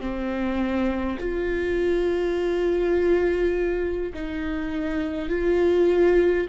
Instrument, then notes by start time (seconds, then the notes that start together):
viola
0.00 C4
1.19 F4
4.14 D#4
5.29 F4